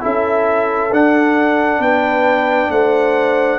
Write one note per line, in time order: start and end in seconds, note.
0.00 0.91 C#4
0.00 0.90 E4
0.00 1.80 A4
0.00 0.93 E5
0.91 1.79 D4
0.91 3.59 D4
0.91 1.81 F#5
1.79 2.68 B3
1.79 2.69 B4
1.79 2.71 G5
2.70 3.59 A3
2.70 3.59 C5
2.70 3.59 F#5